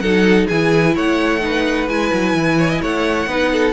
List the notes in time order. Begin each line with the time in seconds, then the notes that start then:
0.00 F#3 D#4 A4 F#5
0.48 E3 E4 G#4 G#5
0.95 A3 C#5 F#5
1.41 D#4 B4
1.88 G#3 E4 G#5
2.13 F#3
2.34 E3
2.59 C#5
2.70 D#5
2.82 A3 C#5 F#5
3.27 B3 D#4 B4
3.53 A4